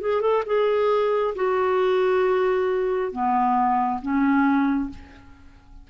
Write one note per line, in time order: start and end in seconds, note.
0.00 0.21 G#4
0.21 0.43 A4
0.46 1.34 G#4
1.35 3.12 F#4
3.12 4.00 B3
4.01 4.90 C#4